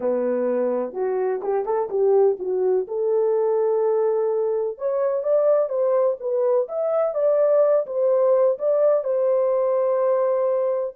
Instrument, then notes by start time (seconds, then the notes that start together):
horn
0.00 B3
0.93 F#4
1.42 G4
1.65 A4
1.89 G4
2.39 F#4
2.87 A4
4.78 C#5
5.23 D5
5.69 C5
6.20 B4
6.68 E5
7.14 D5
7.86 C5
8.58 D5
9.04 C5